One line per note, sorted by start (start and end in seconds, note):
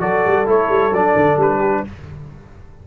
0.00 0.24 F#3
0.00 0.46 F#4
0.00 1.59 A4
0.00 0.47 D5
0.26 0.47 G3
0.46 0.70 A3
0.46 0.92 E4
0.46 0.94 C#5
0.70 0.92 G3
0.92 1.15 F#3
0.92 1.87 D4
0.92 1.40 D5
1.16 1.37 D3
1.37 1.83 G3
1.37 1.88 B4
1.59 1.82 G4